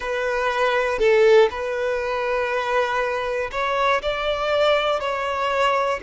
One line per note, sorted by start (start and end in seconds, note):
0.00 0.98 B4
0.98 1.48 A4
1.50 3.50 B4
3.51 4.01 C#5
4.02 5.00 D5
5.00 6.00 C#5